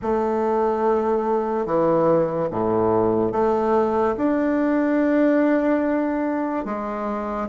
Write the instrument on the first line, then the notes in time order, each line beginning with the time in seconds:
bassoon
0.02 A3
1.66 E3
2.50 A2
3.31 A3
4.17 D4
6.65 G#3